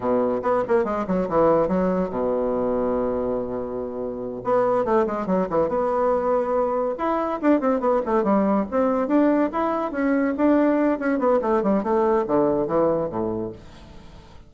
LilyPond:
\new Staff \with { instrumentName = "bassoon" } { \time 4/4 \tempo 4 = 142 b,4 b8 ais8 gis8 fis8 e4 | fis4 b,2.~ | b,2~ b,8 b4 a8 | gis8 fis8 e8 b2~ b8~ |
b8 e'4 d'8 c'8 b8 a8 g8~ | g8 c'4 d'4 e'4 cis'8~ | cis'8 d'4. cis'8 b8 a8 g8 | a4 d4 e4 a,4 | }